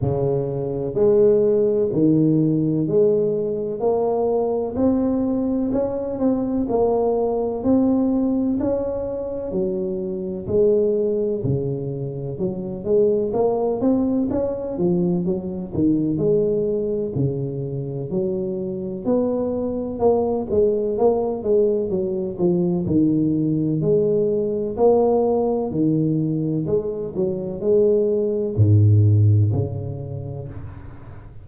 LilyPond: \new Staff \with { instrumentName = "tuba" } { \time 4/4 \tempo 4 = 63 cis4 gis4 dis4 gis4 | ais4 c'4 cis'8 c'8 ais4 | c'4 cis'4 fis4 gis4 | cis4 fis8 gis8 ais8 c'8 cis'8 f8 |
fis8 dis8 gis4 cis4 fis4 | b4 ais8 gis8 ais8 gis8 fis8 f8 | dis4 gis4 ais4 dis4 | gis8 fis8 gis4 gis,4 cis4 | }